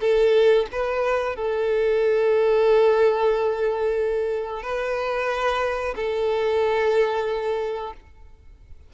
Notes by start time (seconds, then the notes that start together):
0.00 A4
0.71 B4
1.35 A4
4.62 B4
5.95 A4